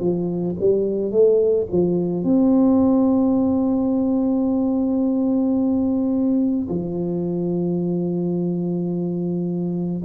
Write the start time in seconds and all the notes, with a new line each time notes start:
0.00 F3
0.60 G3
1.12 A3
1.71 F3
2.24 C4
6.69 F3